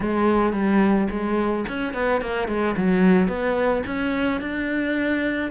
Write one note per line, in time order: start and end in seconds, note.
0.00 0.52 G#3
0.52 1.07 G3
1.10 1.65 G#3
1.68 1.93 C#4
1.93 2.21 B3
2.21 2.47 A#3
2.47 2.75 G#3
2.76 3.28 F#3
3.28 3.83 B3
3.86 4.40 C#4
4.40 5.50 D4